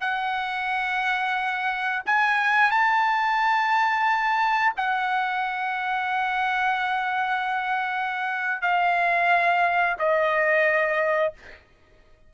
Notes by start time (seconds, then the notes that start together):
0.00 F#5
2.06 G#5
2.71 A5
4.76 F#5
8.61 F5
9.98 D#5